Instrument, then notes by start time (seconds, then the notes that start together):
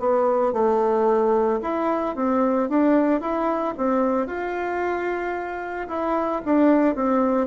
bassoon
0.00 B3
0.53 A3
1.62 E4
2.16 C4
2.69 D4
3.21 E4
3.77 C4
4.27 F4
5.88 E4
6.45 D4
6.95 C4